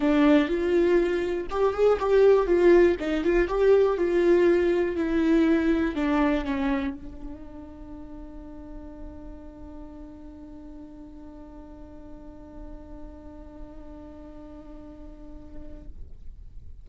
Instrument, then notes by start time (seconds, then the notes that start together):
viola
0.00 D4
0.48 F4
1.50 G4
1.73 G#4
1.99 G4
2.47 F4
2.99 D#4
3.24 F4
3.47 G4
3.97 F4
4.95 E4
5.95 D4
6.45 C#4
6.94 D4